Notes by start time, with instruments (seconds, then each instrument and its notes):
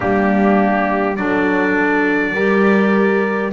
0.00 double bass G3, clarinet A#3, horn D4, trumpet G4
1.16 double bass F#3, clarinet D4, horn A4, trumpet D5
2.33 double bass G3, clarinet G4, horn A#4